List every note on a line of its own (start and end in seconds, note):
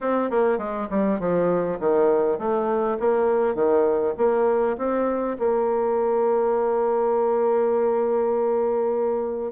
0.00 0.30 C4
0.30 0.58 A#3
0.58 0.87 G#3
0.90 1.19 G3
1.19 1.78 F3
1.79 2.38 D#3
2.38 2.97 A3
2.99 3.54 A#3
3.54 4.14 D#3
4.17 4.77 A#3
4.77 5.37 C4
5.38 9.52 A#3